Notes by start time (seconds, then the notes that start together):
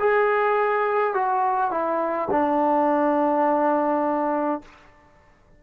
0.00 G#4
1.14 F#4
1.71 E4
2.31 D4